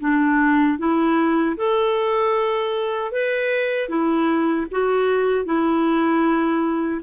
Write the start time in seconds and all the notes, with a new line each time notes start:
0.00 D4
0.78 E4
1.57 A4
3.11 B4
3.88 E4
4.71 F#4
5.45 E4